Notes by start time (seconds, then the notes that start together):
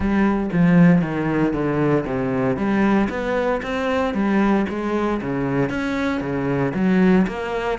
0.00 G3
0.52 F3
1.01 D#3
1.53 D3
2.05 C3
2.56 G3
3.09 B3
3.62 C4
4.14 G3
4.69 G#3
5.21 C#3
5.69 C#4
6.21 C#3
6.74 F#3
7.27 A#3